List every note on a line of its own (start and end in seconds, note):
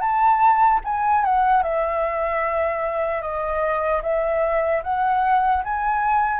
0.00 0.80 A5
0.84 1.24 G#5
1.24 1.63 F#5
1.63 3.21 E5
3.21 4.01 D#5
4.02 4.82 E5
4.83 5.63 F#5
5.64 6.40 G#5